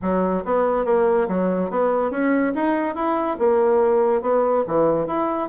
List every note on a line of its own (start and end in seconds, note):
0.02 0.44 F#3
0.44 0.85 B3
0.85 1.27 A#3
1.28 1.70 F#3
1.70 2.10 B3
2.10 2.53 C#4
2.54 2.95 D#4
2.95 3.37 E4
3.38 4.21 A#3
4.21 4.64 B3
4.67 5.06 E3
5.06 5.49 E4